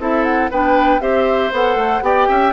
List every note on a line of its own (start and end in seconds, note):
0.00 0.51 C4
0.00 0.51 E4
0.00 0.51 A4
0.00 0.24 E5
0.24 0.50 F#5
0.51 1.01 B3
0.51 1.01 D4
0.51 1.02 B4
0.51 1.01 G5
1.01 1.52 C4
1.01 1.52 G4
1.01 2.04 C5
1.01 1.52 E5
1.53 1.76 B3
1.53 2.03 A4
1.53 2.04 F#5
1.76 2.01 A3
2.02 2.27 B3
2.02 2.54 G4
2.02 2.29 D5
2.02 2.54 G5
2.29 2.54 C#4
2.29 2.54 E5